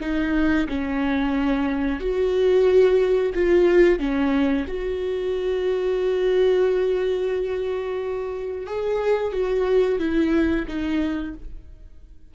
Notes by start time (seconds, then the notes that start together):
0.00 D#4
0.68 C#4
2.00 F#4
3.34 F4
3.98 C#4
4.67 F#4
8.66 G#4
9.32 F#4
9.99 E4
10.67 D#4